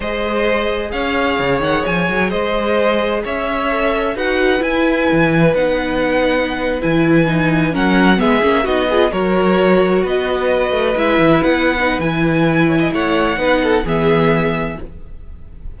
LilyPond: <<
  \new Staff \with { instrumentName = "violin" } { \time 4/4 \tempo 4 = 130 dis''2 f''4. fis''8 | gis''4 dis''2 e''4~ | e''4 fis''4 gis''2 | fis''2~ fis''8. gis''4~ gis''16~ |
gis''8. fis''4 e''4 dis''4 cis''16~ | cis''4.~ cis''16 dis''2 e''16~ | e''8. fis''4~ fis''16 gis''2 | fis''2 e''2 | }
  \new Staff \with { instrumentName = "violin" } { \time 4/4 c''2 cis''2~ | cis''4 c''2 cis''4~ | cis''4 b'2.~ | b'1~ |
b'8. ais'4 gis'4 fis'8 gis'8 ais'16~ | ais'4.~ ais'16 b'2~ b'16~ | b'2.~ b'8 cis''16 dis''16 | cis''4 b'8 a'8 gis'2 | }
  \new Staff \with { instrumentName = "viola" } { \time 4/4 gis'1~ | gis'1 | a'4 fis'4 e'2 | dis'2~ dis'8. e'4 dis'16~ |
dis'8. cis'4 b8 cis'8 dis'8 f'8 fis'16~ | fis'2.~ fis'8. e'16~ | e'4. dis'8 e'2~ | e'4 dis'4 b2 | }
  \new Staff \with { instrumentName = "cello" } { \time 4/4 gis2 cis'4 cis8 dis8 | f8 fis8 gis2 cis'4~ | cis'4 dis'4 e'4 e4 | b2~ b8. e4~ e16~ |
e8. fis4 gis8 ais8 b4 fis16~ | fis4.~ fis16 b4. a8 gis16~ | gis16 e8 b4~ b16 e2 | a4 b4 e2 | }
>>